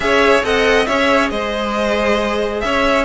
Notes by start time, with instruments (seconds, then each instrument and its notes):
0.00 cello C#4, viola G#4, violin C#5 E5
0.43 cello C4, viola A4, violin D#5 F#5
0.86 cello C#4, viola G#4, violin C#5 E5
1.29 cello G#3, violin C5 D#5
2.60 cello C#4, violin C#5 E5